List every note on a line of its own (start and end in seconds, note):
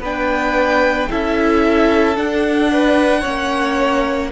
0.00 1.07 B3
0.00 1.10 D4
0.00 1.09 B4
0.00 1.11 G5
1.10 2.18 C#4
1.10 2.17 E4
1.10 2.71 A4
1.10 2.17 E5
2.17 3.24 D4
2.17 3.25 D4
2.17 4.31 F#5
2.72 3.21 B4
3.21 4.32 A#3
3.21 4.31 C#4
3.21 4.28 C#5